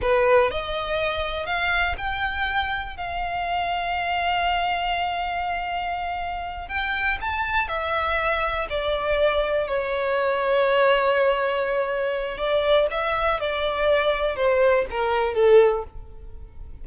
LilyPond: \new Staff \with { instrumentName = "violin" } { \time 4/4 \tempo 4 = 121 b'4 dis''2 f''4 | g''2 f''2~ | f''1~ | f''4. g''4 a''4 e''8~ |
e''4. d''2 cis''8~ | cis''1~ | cis''4 d''4 e''4 d''4~ | d''4 c''4 ais'4 a'4 | }